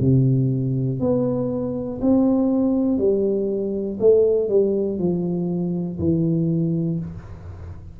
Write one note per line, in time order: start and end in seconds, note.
0.00 1.00 C3
1.00 2.00 B3
2.01 2.98 C4
2.98 3.98 G3
4.00 4.48 A3
4.48 4.98 G3
4.99 5.99 F3
5.99 6.99 E3